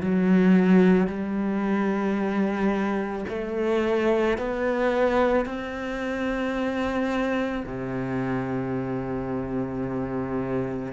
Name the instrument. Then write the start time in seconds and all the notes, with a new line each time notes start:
cello
0.00 F#3
1.07 G3
3.28 A3
4.37 B3
5.45 C4
7.66 C3